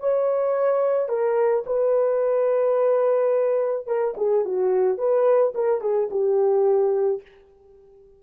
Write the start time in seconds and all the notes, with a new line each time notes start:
0.00 C#5
1.09 A#4
1.66 B4
3.87 A#4
4.17 G#4
4.45 F#4
4.98 B4
5.55 A#4
5.81 G#4
6.11 G4